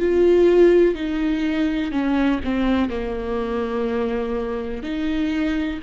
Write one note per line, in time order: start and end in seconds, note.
0.00 0.95 F4
0.95 1.92 D#4
1.92 2.40 C#4
2.44 2.90 C4
2.90 4.83 A#3
4.83 5.80 D#4